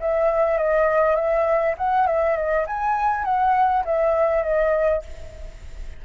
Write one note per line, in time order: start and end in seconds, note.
0.00 0.58 E5
0.58 1.16 D#5
1.16 1.75 E5
1.77 2.07 F#5
2.07 2.36 E5
2.36 2.66 D#5
2.67 3.25 G#5
3.25 3.84 F#5
3.85 4.43 E5
4.43 5.02 D#5